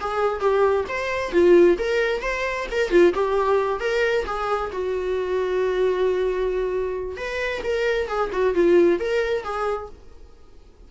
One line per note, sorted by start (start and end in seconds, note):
0.00 0.40 G#4
0.40 0.85 G4
0.89 1.32 C5
1.32 1.77 F4
1.78 2.22 A#4
2.22 2.67 C5
2.71 2.91 A#4
2.91 3.13 F4
3.14 3.80 G4
3.80 4.25 A#4
4.26 4.71 G#4
4.72 7.17 F#4
7.17 7.62 B4
7.64 8.08 A#4
8.08 8.30 G#4
8.32 8.54 F#4
8.54 9.00 F4
9.00 9.44 A#4
9.44 9.89 G#4